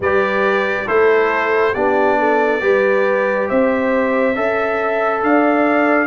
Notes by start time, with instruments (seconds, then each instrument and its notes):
0.00 tuba G3, trombone G4, horn B4, trumpet D5
0.87 tuba A3, trombone E4, horn A4, trumpet C5
1.73 tuba B3, trombone D4, horn G4, trumpet D5
2.18 horn A4
2.60 tuba G3, trombone G4, horn B4
3.49 tuba C4, horn C5, trumpet E5
4.35 tuba C#4, trombone A4, horn E5
5.22 tuba D4, horn D5, trumpet F5